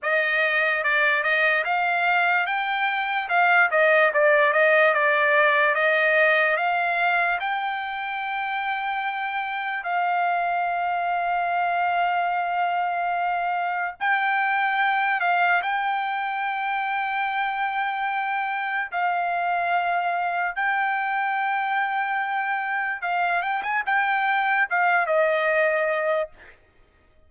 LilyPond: \new Staff \with { instrumentName = "trumpet" } { \time 4/4 \tempo 4 = 73 dis''4 d''8 dis''8 f''4 g''4 | f''8 dis''8 d''8 dis''8 d''4 dis''4 | f''4 g''2. | f''1~ |
f''4 g''4. f''8 g''4~ | g''2. f''4~ | f''4 g''2. | f''8 g''16 gis''16 g''4 f''8 dis''4. | }